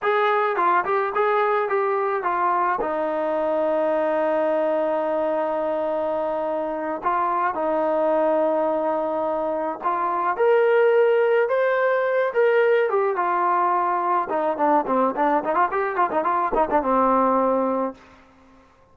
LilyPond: \new Staff \with { instrumentName = "trombone" } { \time 4/4 \tempo 4 = 107 gis'4 f'8 g'8 gis'4 g'4 | f'4 dis'2.~ | dis'1~ | dis'8 f'4 dis'2~ dis'8~ |
dis'4. f'4 ais'4.~ | ais'8 c''4. ais'4 g'8 f'8~ | f'4. dis'8 d'8 c'8 d'8 dis'16 f'16 | g'8 f'16 dis'16 f'8 dis'16 d'16 c'2 | }